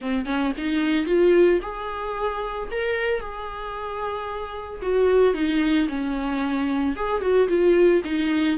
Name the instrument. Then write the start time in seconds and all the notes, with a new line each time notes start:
viola
0.01 C4
0.25 C#4
0.57 D#4
1.06 F4
1.62 G#4
2.71 A#4
3.20 G#4
4.82 F#4
5.34 D#4
5.88 C#4
6.96 G#4
7.21 F#4
7.48 F4
8.04 D#4